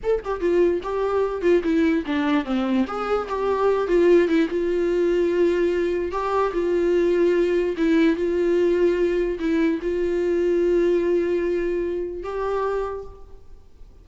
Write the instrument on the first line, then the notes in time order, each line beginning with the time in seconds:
viola
0.03 A4
0.24 G4
0.40 F4
0.82 G4
1.41 F4
1.63 E4
2.05 D4
2.45 C4
2.87 G#4
3.28 G4
3.87 F4
4.28 E4
4.49 F4
6.11 G4
6.53 F4
7.77 E4
8.16 F4
9.39 E4
9.81 F4
12.23 G4